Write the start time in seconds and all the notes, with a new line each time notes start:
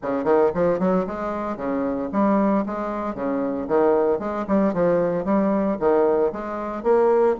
0.02 C#3
0.24 D#3
0.54 F3
0.79 F#3
1.06 G#3
1.56 C#3
2.12 G3
2.66 G#3
3.14 C#3
3.68 D#3
4.19 G#3
4.47 G3
4.73 F3
5.24 G3
5.79 D#3
6.32 G#3
6.83 A#3